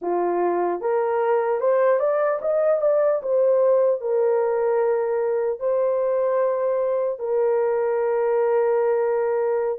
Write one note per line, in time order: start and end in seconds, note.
0.01 0.80 F4
0.80 1.60 A#4
1.60 1.99 C5
1.99 2.39 D5
2.41 2.81 D#5
2.81 3.21 D5
3.22 4.00 C5
4.00 5.59 A#4
5.59 7.19 C5
7.19 9.79 A#4